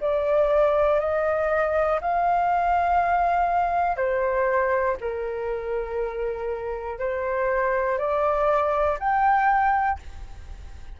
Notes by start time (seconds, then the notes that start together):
0.00 D5
0.99 D#5
2.00 F5
3.96 C5
5.00 A#4
6.99 C5
7.98 D5
8.99 G5